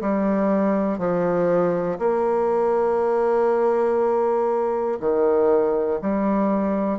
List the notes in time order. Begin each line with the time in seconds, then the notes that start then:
0.00 G3
0.98 F3
1.99 A#3
5.00 D#3
6.01 G3